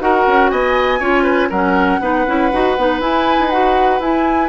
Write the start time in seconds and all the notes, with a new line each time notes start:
0.00 D#4 F#4 A#4 F#5
0.27 C#4
0.50 B3 D#5 G#5
0.99 C#4 F4 C#5
1.23 B4
1.49 F#3 C#4 A#4 F#5
2.00 B3 D#4 B4
2.26 C#4 E4
2.52 D#4 F#4
2.77 B3 D#4
3.00 E4 G#5
3.39 D#4
3.50 F#4 F#5
4.00 E4 G#5